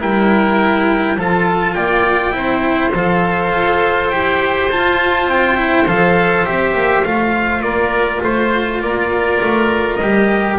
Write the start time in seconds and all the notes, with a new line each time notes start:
0.00 G3 E4 A#4 G5
1.17 F3 F4 A4 A5
1.75 A#3 D5 G5
2.32 C4 E4 C5
2.94 F3 A4 F5
3.54 F4
4.10 E4 G4 G5
4.71 F4 A5
5.25 C4 G5
5.57 E4
5.88 F3 A4 F5
6.46 C4 G4 E5
6.74 A#3
7.05 A3 F4 F5
7.61 A#3 A#4 D5
8.24 A3 C5
8.81 A#3 A#4 D5
9.42 A3
9.96 G3 D#5
10.03 G4